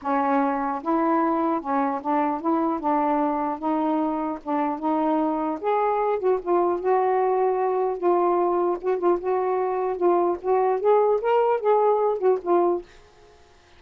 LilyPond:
\new Staff \with { instrumentName = "saxophone" } { \time 4/4 \tempo 4 = 150 cis'2 e'2 | cis'4 d'4 e'4 d'4~ | d'4 dis'2 d'4 | dis'2 gis'4. fis'8 |
f'4 fis'2. | f'2 fis'8 f'8 fis'4~ | fis'4 f'4 fis'4 gis'4 | ais'4 gis'4. fis'8 f'4 | }